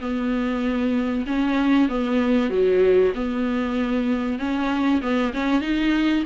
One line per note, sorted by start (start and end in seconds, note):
0.00 1.25 B3
1.26 1.89 C#4
1.89 2.50 B3
2.50 3.12 F#3
3.15 4.39 B3
4.39 5.01 C#4
5.02 5.33 B3
5.34 5.61 C#4
5.61 6.24 D#4